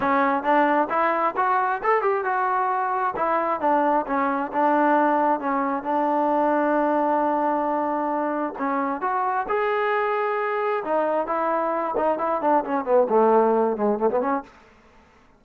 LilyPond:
\new Staff \with { instrumentName = "trombone" } { \time 4/4 \tempo 4 = 133 cis'4 d'4 e'4 fis'4 | a'8 g'8 fis'2 e'4 | d'4 cis'4 d'2 | cis'4 d'2.~ |
d'2. cis'4 | fis'4 gis'2. | dis'4 e'4. dis'8 e'8 d'8 | cis'8 b8 a4. gis8 a16 b16 cis'8 | }